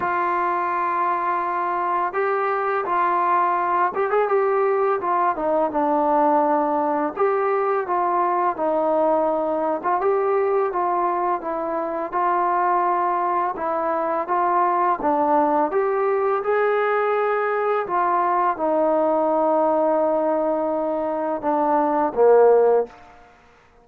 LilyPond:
\new Staff \with { instrumentName = "trombone" } { \time 4/4 \tempo 4 = 84 f'2. g'4 | f'4. g'16 gis'16 g'4 f'8 dis'8 | d'2 g'4 f'4 | dis'4.~ dis'16 f'16 g'4 f'4 |
e'4 f'2 e'4 | f'4 d'4 g'4 gis'4~ | gis'4 f'4 dis'2~ | dis'2 d'4 ais4 | }